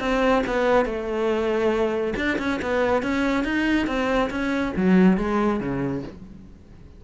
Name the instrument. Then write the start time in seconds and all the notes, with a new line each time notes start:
cello
0.00 C4
0.47 B3
0.86 A3
2.17 D4
2.39 C#4
2.62 B3
3.03 C#4
3.45 D#4
3.87 C4
4.31 C#4
4.76 F#3
5.18 G#3
5.60 C#3